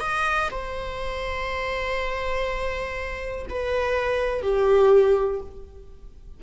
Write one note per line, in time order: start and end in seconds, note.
0.00 0.49 D#5
0.51 3.46 C5
3.49 4.42 B4
4.42 5.41 G4